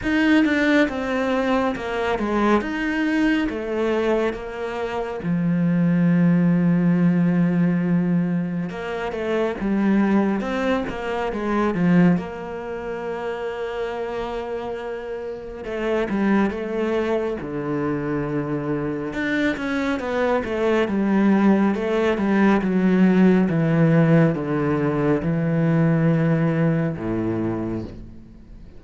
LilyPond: \new Staff \with { instrumentName = "cello" } { \time 4/4 \tempo 4 = 69 dis'8 d'8 c'4 ais8 gis8 dis'4 | a4 ais4 f2~ | f2 ais8 a8 g4 | c'8 ais8 gis8 f8 ais2~ |
ais2 a8 g8 a4 | d2 d'8 cis'8 b8 a8 | g4 a8 g8 fis4 e4 | d4 e2 a,4 | }